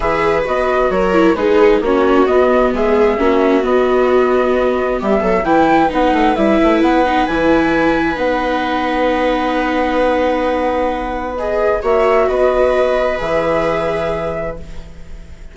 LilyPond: <<
  \new Staff \with { instrumentName = "flute" } { \time 4/4 \tempo 4 = 132 e''4 dis''4 cis''4 b'4 | cis''4 dis''4 e''2 | dis''2. e''4 | g''4 fis''4 e''4 fis''4 |
gis''2 fis''2~ | fis''1~ | fis''4 dis''4 e''4 dis''4~ | dis''4 e''2. | }
  \new Staff \with { instrumentName = "viola" } { \time 4/4 b'2 ais'4 gis'4 | fis'2 gis'4 fis'4~ | fis'2. g'8 a'8 | b'1~ |
b'1~ | b'1~ | b'2 cis''4 b'4~ | b'1 | }
  \new Staff \with { instrumentName = "viola" } { \time 4/4 gis'4 fis'4. e'8 dis'4 | cis'4 b2 cis'4 | b1 | e'4 dis'4 e'4. dis'8 |
e'2 dis'2~ | dis'1~ | dis'4 gis'4 fis'2~ | fis'4 gis'2. | }
  \new Staff \with { instrumentName = "bassoon" } { \time 4/4 e4 b4 fis4 gis4 | ais4 b4 gis4 ais4 | b2. g8 fis8 | e4 b8 a8 g8 a8 b4 |
e2 b2~ | b1~ | b2 ais4 b4~ | b4 e2. | }
>>